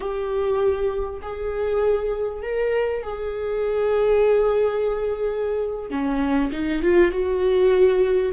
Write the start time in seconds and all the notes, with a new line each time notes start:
0.00 G4
1.21 G#4
2.42 A#4
3.02 G#4
5.90 C#4
6.52 D#4
6.82 F4
7.11 F#4